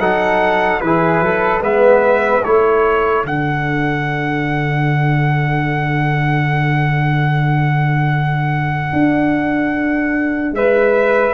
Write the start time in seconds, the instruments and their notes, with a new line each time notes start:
0.00 tuba F#3, trombone D#4, flute A4, trumpet F#5
0.81 tuba E3, trombone E4, flute G#4, trumpet B4
1.21 tuba F#3, flute A4
1.60 tuba G#3, trombone B3, flute B4, trumpet E5
2.44 tuba A3, trombone E4, flute A4, trumpet C#5
3.24 tuba D3, trombone D4, trumpet F#5
8.93 tuba D4
10.52 tuba G#3, flute B4, trumpet E5